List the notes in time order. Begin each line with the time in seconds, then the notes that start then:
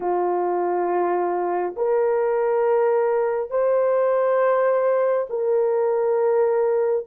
0.00 F4
1.76 A#4
3.50 C5
5.29 A#4